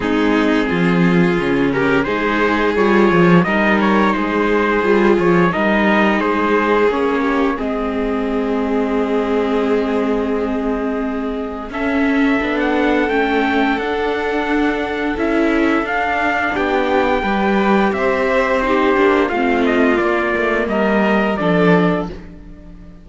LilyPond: <<
  \new Staff \with { instrumentName = "trumpet" } { \time 4/4 \tempo 4 = 87 gis'2~ gis'8 ais'8 c''4 | cis''4 dis''8 cis''8 c''4. cis''8 | dis''4 c''4 cis''4 dis''4~ | dis''1~ |
dis''4 e''4~ e''16 fis''8. g''4 | fis''2 e''4 f''4 | g''2 e''4 c''4 | f''8 dis''8 d''4 dis''4 d''4 | }
  \new Staff \with { instrumentName = "violin" } { \time 4/4 dis'4 f'4. g'8 gis'4~ | gis'4 ais'4 gis'2 | ais'4 gis'4. g'8 gis'4~ | gis'1~ |
gis'4 a'2.~ | a'1 | g'4 b'4 c''4 g'4 | f'2 ais'4 a'4 | }
  \new Staff \with { instrumentName = "viola" } { \time 4/4 c'2 cis'4 dis'4 | f'4 dis'2 f'4 | dis'2 cis'4 c'4~ | c'1~ |
c'4 cis'4 d'4 cis'4 | d'2 e'4 d'4~ | d'4 g'2 dis'8 d'8 | c'4 ais2 d'4 | }
  \new Staff \with { instrumentName = "cello" } { \time 4/4 gis4 f4 cis4 gis4 | g8 f8 g4 gis4 g8 f8 | g4 gis4 ais4 gis4~ | gis1~ |
gis4 cis'4 b4 a4 | d'2 cis'4 d'4 | b4 g4 c'4. ais8 | a4 ais8 a8 g4 f4 | }
>>